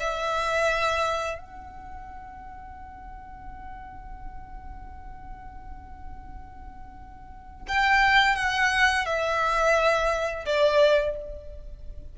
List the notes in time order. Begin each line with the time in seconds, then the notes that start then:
0.00 E5
1.38 F#5
7.68 G5
8.36 F#5
9.06 E5
10.46 D5